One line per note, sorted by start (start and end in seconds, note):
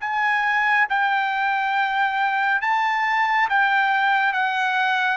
0.00 0.87 G#5
0.89 2.61 G5
2.61 3.48 A5
3.49 4.32 G5
4.32 5.17 F#5